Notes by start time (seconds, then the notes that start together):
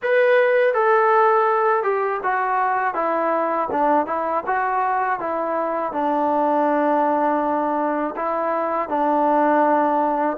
0.02 B4
0.74 A4
1.83 G4
2.23 F#4
2.94 E4
3.71 D4
4.06 E4
4.46 F#4
5.19 E4
5.92 D4
8.16 E4
8.89 D4